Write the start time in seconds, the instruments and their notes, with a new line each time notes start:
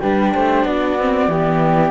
0.00 cello G3, viola D4, flute G4 B4
0.34 cello A3, flute C5
0.64 cello B3, flute F#4 D5
0.99 viola C4
1.28 cello E3, viola B3, flute G4